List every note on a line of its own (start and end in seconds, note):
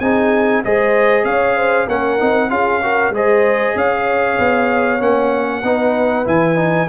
0.00 0.63 C4
0.00 0.64 D#4
0.00 0.63 G#4
0.00 0.62 G#5
0.64 1.24 G#3
0.64 1.89 G#4
0.64 1.25 C5
0.64 1.25 D#5
1.24 1.87 C#4
1.24 1.56 C#5
1.24 1.88 F5
1.56 1.87 C5
1.87 2.19 A#3
1.87 2.19 C#4
1.87 2.49 A#4
1.87 2.50 F#5
2.19 2.50 C4
2.19 2.50 D#4
2.50 3.10 C#4
2.50 2.81 F4
2.50 2.82 G#4
2.50 3.13 F5
2.82 3.14 F#4
2.82 3.14 A#4
3.10 3.73 G#3
3.10 4.99 G#4
3.10 3.76 C5
3.10 3.78 D#5
3.76 4.38 C#4
3.76 5.64 C#5
3.76 5.02 F5
4.38 5.01 B3
4.99 5.63 A#3
4.99 5.62 C#4
4.99 6.27 F#5
5.63 6.25 B3
5.63 6.25 D#4
5.63 6.89 B4
6.25 6.89 E3
6.25 6.56 E4
6.25 6.89 G#5
6.56 6.87 D#4